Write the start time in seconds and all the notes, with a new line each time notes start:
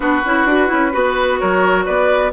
0.00 B3 D4 F#4 B4
0.25 C#4 E4
0.45 D4 F#4
0.67 C#4 E4
0.91 B3 F#4 B4
1.38 F#3 A#4 C#5
1.85 B3 B4 D5